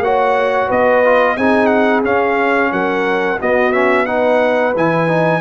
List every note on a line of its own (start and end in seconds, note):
0.00 0.67 A#3
0.00 1.05 F#4
0.00 0.68 C#5
0.00 0.71 F#5
0.68 1.38 B3
0.68 1.35 B4
0.68 1.37 D#5
1.05 1.38 F4
1.37 2.05 C4
1.37 2.05 D#4
1.37 2.72 G#4
1.37 1.67 G#5
1.67 2.01 F#5
2.05 3.39 C#4
2.05 2.72 C#4
2.05 2.72 F5
2.72 3.40 F#3
2.72 3.40 A#4
2.72 3.40 F#5
3.40 3.73 B3
3.40 4.76 B3
3.40 4.07 F#4
3.40 3.73 D#5
3.73 4.07 C#4
3.73 4.06 E5
4.06 4.74 D#4
4.06 5.41 B4
4.06 4.74 F#5
4.76 5.41 E3
4.76 5.08 E4
4.76 5.41 G#5
5.08 5.41 D#4